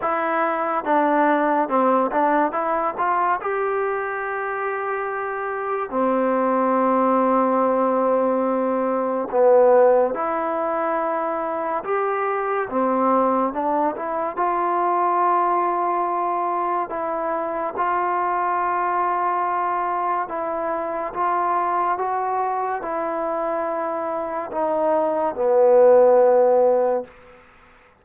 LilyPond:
\new Staff \with { instrumentName = "trombone" } { \time 4/4 \tempo 4 = 71 e'4 d'4 c'8 d'8 e'8 f'8 | g'2. c'4~ | c'2. b4 | e'2 g'4 c'4 |
d'8 e'8 f'2. | e'4 f'2. | e'4 f'4 fis'4 e'4~ | e'4 dis'4 b2 | }